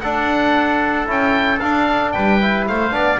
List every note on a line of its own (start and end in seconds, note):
0.00 1.05 D4
0.00 1.08 D4
0.00 2.14 A4
0.00 1.06 F#5
1.05 1.61 C#4
1.05 1.58 E4
1.05 1.59 G5
1.59 2.14 D4
1.59 2.40 D4
1.59 2.11 F5
2.11 2.68 G3
2.11 2.67 B4
2.11 2.64 G5
2.40 2.90 E4
2.67 2.91 A3
2.67 2.94 C5
2.67 3.20 F5
2.90 3.18 B3
2.90 3.17 D4
2.90 3.20 D5